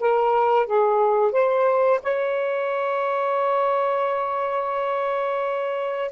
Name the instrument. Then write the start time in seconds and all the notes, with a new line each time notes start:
saxophone
0.00 A#4
0.66 G#4
1.32 C5
2.03 C#5